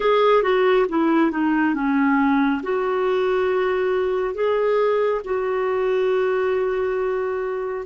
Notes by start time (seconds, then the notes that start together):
0.00 G#4
0.43 F#4
0.89 E4
1.31 D#4
1.74 C#4
2.62 F#4
4.34 G#4
5.24 F#4